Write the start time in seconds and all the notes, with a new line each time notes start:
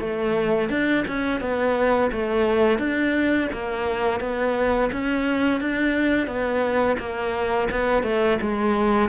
0.00 A3
0.70 D4
1.07 C#4
1.41 B3
2.12 A3
2.79 D4
3.53 A#3
4.20 B3
4.92 C#4
5.61 D4
6.27 B3
6.99 A#3
7.71 B3
8.03 A3
8.41 G#3